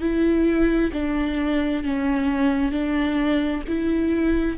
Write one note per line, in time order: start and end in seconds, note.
0.00 0.91 E4
0.92 1.83 D4
1.83 2.71 C#4
2.71 3.62 D4
3.67 4.57 E4